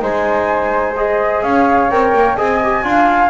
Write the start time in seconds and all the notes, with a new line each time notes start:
0.00 G#3 D#4 C5 G#5
0.96 G#4 D#5
1.43 C#4 C#5 F5
1.90 C4 A#4 G5
2.14 A#3
2.36 C4 G#4 D#5 G#5
2.63 G4
2.83 D4 F4 F5